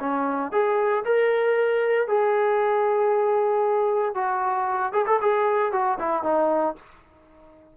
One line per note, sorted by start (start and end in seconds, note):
0.00 0.52 C#4
0.52 1.04 G#4
1.05 2.08 A#4
2.08 4.15 G#4
4.15 4.93 F#4
4.93 5.06 G#4
5.07 5.20 A4
5.22 5.72 G#4
5.72 5.99 F#4
5.99 6.23 E4
6.23 6.76 D#4